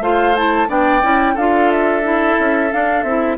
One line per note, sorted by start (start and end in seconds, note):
0.00 0.67 A3
0.00 0.36 F4
0.00 0.69 C5
0.00 0.36 F5
0.36 0.68 E4
0.36 0.70 A5
0.68 1.02 B3
0.68 1.02 D4
0.68 1.34 D5
0.68 1.37 G5
1.02 1.36 C#4
1.02 1.36 E4
1.34 2.37 D4
1.34 2.03 F4
1.34 3.36 A4
1.34 1.71 F5
1.71 2.72 E5
2.03 2.71 E4
2.39 2.72 C#4
2.71 3.05 D4
2.71 3.03 D4
2.71 3.03 F5
3.03 3.37 C4
3.03 3.38 E4
3.03 3.37 E5